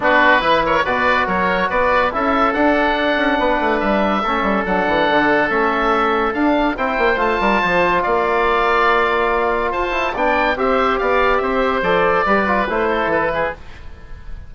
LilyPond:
<<
  \new Staff \with { instrumentName = "oboe" } { \time 4/4 \tempo 4 = 142 b'4. cis''8 d''4 cis''4 | d''4 e''4 fis''2~ | fis''4 e''2 fis''4~ | fis''4 e''2 f''4 |
g''4 a''2 f''4~ | f''2. a''4 | g''4 e''4 f''4 e''4 | d''2 c''4 b'4 | }
  \new Staff \with { instrumentName = "oboe" } { \time 4/4 fis'4 b'8 ais'8 b'4 ais'4 | b'4 a'2. | b'2 a'2~ | a'1 |
c''4. ais'8 c''4 d''4~ | d''2. c''4 | d''4 c''4 d''4 c''4~ | c''4 b'4. a'4 gis'8 | }
  \new Staff \with { instrumentName = "trombone" } { \time 4/4 d'4 e'4 fis'2~ | fis'4 e'4 d'2~ | d'2 cis'4 d'4~ | d'4 cis'2 d'4 |
e'4 f'2.~ | f'2.~ f'8 e'8 | d'4 g'2. | a'4 g'8 f'8 e'2 | }
  \new Staff \with { instrumentName = "bassoon" } { \time 4/4 b4 e4 b,4 fis4 | b4 cis'4 d'4. cis'8 | b8 a8 g4 a8 g8 fis8 e8 | d4 a2 d'4 |
c'8 ais8 a8 g8 f4 ais4~ | ais2. f'4 | b4 c'4 b4 c'4 | f4 g4 a4 e4 | }
>>